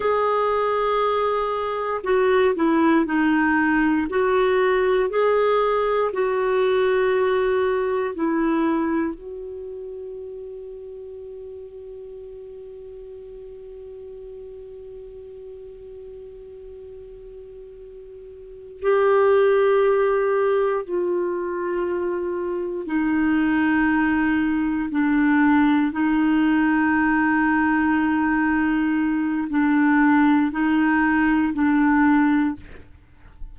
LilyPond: \new Staff \with { instrumentName = "clarinet" } { \time 4/4 \tempo 4 = 59 gis'2 fis'8 e'8 dis'4 | fis'4 gis'4 fis'2 | e'4 fis'2.~ | fis'1~ |
fis'2~ fis'8 g'4.~ | g'8 f'2 dis'4.~ | dis'8 d'4 dis'2~ dis'8~ | dis'4 d'4 dis'4 d'4 | }